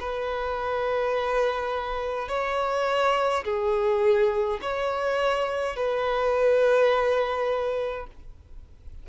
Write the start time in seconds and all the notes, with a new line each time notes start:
0.00 B4
2.29 C#5
3.44 G#4
4.62 C#5
5.76 B4